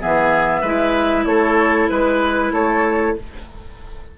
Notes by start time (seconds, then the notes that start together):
0.00 E3 B3 G#4 E5
0.61 G#3 E4 B4
1.25 A3 A4 C#5
1.89 G#3 B4
2.52 A3 A4 C#5